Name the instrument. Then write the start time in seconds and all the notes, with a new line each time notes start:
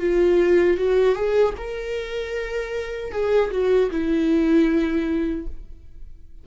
viola
0.00 F4
0.78 F#4
1.15 G#4
1.58 A#4
3.12 G#4
3.51 F#4
3.91 E4